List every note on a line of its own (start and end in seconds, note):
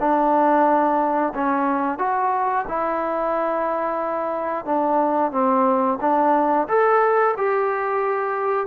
0.00 1.33 D4
1.35 1.99 C#4
1.99 2.65 F#4
2.68 4.65 E4
4.65 5.32 D4
5.32 5.99 C4
6.01 6.68 D4
6.68 7.35 A4
7.37 8.67 G4